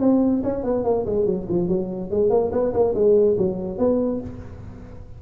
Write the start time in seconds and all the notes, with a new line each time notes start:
0.00 C4
0.43 C#4
0.63 B3
0.84 A#3
1.05 G#3
1.25 F#3
1.49 F3
1.68 F#3
2.10 G#3
2.29 A#3
2.52 B3
2.73 A#3
2.94 G#3
3.37 F#3
3.78 B3